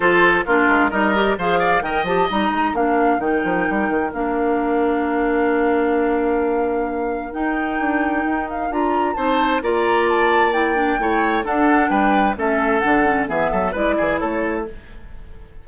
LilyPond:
<<
  \new Staff \with { instrumentName = "flute" } { \time 4/4 \tempo 4 = 131 c''4 ais'4 dis''4 f''4 | g''8 a''8 ais''4 f''4 g''4~ | g''4 f''2.~ | f''1 |
g''2~ g''8 f''8 ais''4 | a''4 ais''4 a''4 g''4~ | g''4 fis''4 g''4 e''4 | fis''4 e''4 d''4 cis''4 | }
  \new Staff \with { instrumentName = "oboe" } { \time 4/4 a'4 f'4 ais'4 c''8 d''8 | dis''2 ais'2~ | ais'1~ | ais'1~ |
ais'1 | c''4 d''2. | cis''4 a'4 b'4 a'4~ | a'4 gis'8 a'8 b'8 gis'8 a'4 | }
  \new Staff \with { instrumentName = "clarinet" } { \time 4/4 f'4 d'4 dis'8 g'8 gis'4 | ais'8 g'8 dis'4 d'4 dis'4~ | dis'4 d'2.~ | d'1 |
dis'2. f'4 | dis'4 f'2 e'8 d'8 | e'4 d'2 cis'4 | d'8 cis'8 b4 e'2 | }
  \new Staff \with { instrumentName = "bassoon" } { \time 4/4 f4 ais8 gis8 g4 f4 | dis8 f8 g8 gis8 ais4 dis8 f8 | g8 dis8 ais2.~ | ais1 |
dis'4 d'4 dis'4 d'4 | c'4 ais2. | a4 d'4 g4 a4 | d4 e8 fis8 gis8 e8 a4 | }
>>